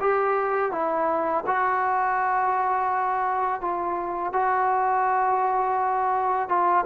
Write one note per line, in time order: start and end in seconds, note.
0.00 0.71 G4
0.71 1.44 E4
1.46 3.61 F#4
3.61 4.32 F4
4.32 6.48 F#4
6.48 6.84 F4